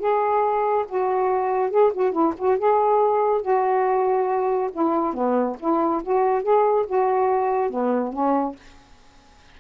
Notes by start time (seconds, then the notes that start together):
0.00 G#4
0.89 F#4
1.71 G#4
1.94 F#4
2.13 E4
2.39 F#4
2.59 G#4
3.42 F#4
4.73 E4
5.14 B3
5.60 E4
6.04 F#4
6.43 G#4
6.87 F#4
7.70 B3
8.13 C#4